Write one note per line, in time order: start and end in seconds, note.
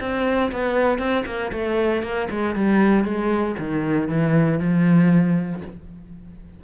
0.00 0.51 C4
0.52 0.98 B3
0.98 1.24 C4
1.26 1.51 A#3
1.52 2.02 A3
2.02 2.28 A#3
2.30 2.55 G#3
2.55 3.04 G3
3.04 3.55 G#3
3.58 4.08 D#3
4.08 4.59 E3
4.59 5.62 F3